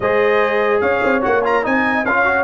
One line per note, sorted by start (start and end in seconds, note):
0.00 0.81 G#3
0.00 1.21 G#4
0.00 0.82 C5
0.00 0.80 D#5
0.80 1.01 C#4
0.80 1.64 C#5
0.80 1.22 F5
1.03 1.24 C4
1.21 1.65 A#3
1.21 1.42 F#4
1.21 1.44 F#5
1.44 1.62 F4
1.44 1.65 A#5
1.62 2.05 C4
1.62 2.04 D#4
1.62 2.05 D#5
1.62 2.05 G#5
2.05 2.44 C#4
2.05 2.24 F4
2.05 2.44 C#5
2.05 2.44 F5
2.24 2.44 F#4